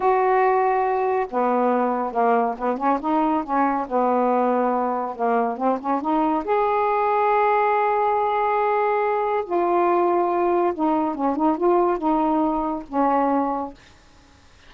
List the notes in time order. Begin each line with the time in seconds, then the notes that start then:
0.00 F#4
1.30 B3
2.12 A#3
2.57 B3
2.77 C#4
3.00 D#4
3.43 C#4
3.87 B3
5.15 A#3
5.57 C4
5.80 C#4
6.01 D#4
6.44 G#4
9.45 F4
10.74 D#4
11.14 C#4
11.36 D#4
11.57 F4
11.98 D#4
12.88 C#4